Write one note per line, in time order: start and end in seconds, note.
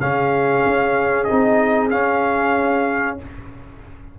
0.00 0.64 C#3
0.00 1.29 C#4
0.00 3.19 G#4
0.00 1.25 F5
0.66 1.30 C#4
1.25 1.92 C4
1.25 1.91 D#4
1.25 1.89 D#5
1.91 3.19 C#4
1.91 3.18 F5